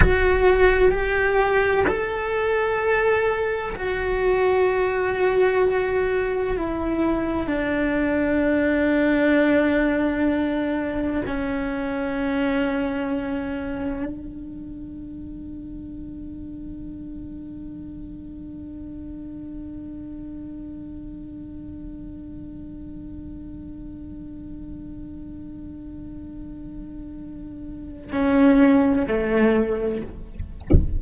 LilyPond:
\new Staff \with { instrumentName = "cello" } { \time 4/4 \tempo 4 = 64 fis'4 g'4 a'2 | fis'2. e'4 | d'1 | cis'2. d'4~ |
d'1~ | d'1~ | d'1~ | d'2 cis'4 a4 | }